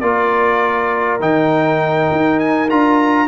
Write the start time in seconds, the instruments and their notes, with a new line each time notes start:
0.00 tuba A#3, trombone F4, horn A#4, trumpet D5
1.20 tuba D#3, trombone D#4, trumpet G5
2.11 tuba D#4
2.39 trumpet G#5
2.70 tuba D4, trombone F4, trumpet A#5